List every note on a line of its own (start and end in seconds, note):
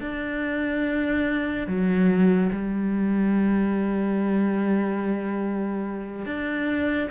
0.00 1.67 D4
1.67 2.50 F#3
2.52 6.25 G3
6.25 7.09 D4